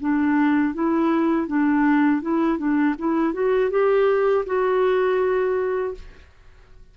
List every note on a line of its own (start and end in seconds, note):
0.00 0.74 D4
0.74 1.47 E4
1.47 2.21 D4
2.22 2.58 E4
2.58 2.95 D4
2.98 3.33 E4
3.33 3.70 F#4
3.70 4.44 G4
4.46 5.94 F#4